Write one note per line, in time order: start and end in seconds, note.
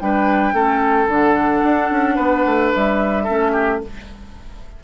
0.00 0.53 G3
0.00 0.53 D4
0.00 0.54 B4
0.00 1.09 G5
0.53 1.07 A3
0.53 1.08 C#4
0.53 2.15 A4
1.07 1.62 D3
1.07 3.27 D4
1.07 2.72 F#5
1.63 1.90 D4
1.90 2.18 C#4
2.15 2.45 B3
2.15 3.24 B4
2.46 2.73 A3
2.72 3.29 G3
2.72 3.82 E5
3.24 3.84 A3
3.24 3.82 C#4
3.24 3.51 A4
3.52 3.80 G4